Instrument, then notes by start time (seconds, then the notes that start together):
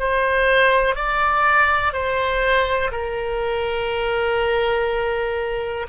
oboe
0.00 C5
0.96 D5
1.93 C5
2.92 A#4